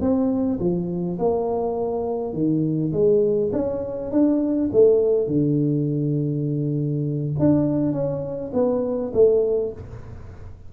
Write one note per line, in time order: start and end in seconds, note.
0.00 0.59 C4
0.59 1.18 F3
1.18 2.33 A#3
2.33 2.92 D#3
2.92 3.51 G#3
3.52 4.11 C#4
4.11 4.70 D4
4.72 5.27 A3
5.27 7.33 D3
7.39 7.92 D4
7.92 8.51 C#4
8.53 9.11 B3
9.13 9.72 A3